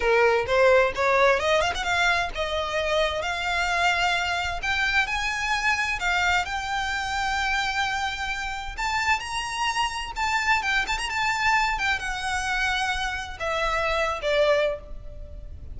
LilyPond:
\new Staff \with { instrumentName = "violin" } { \time 4/4 \tempo 4 = 130 ais'4 c''4 cis''4 dis''8 f''16 fis''16 | f''4 dis''2 f''4~ | f''2 g''4 gis''4~ | gis''4 f''4 g''2~ |
g''2. a''4 | ais''2 a''4 g''8 a''16 ais''16 | a''4. g''8 fis''2~ | fis''4 e''4.~ e''16 d''4~ d''16 | }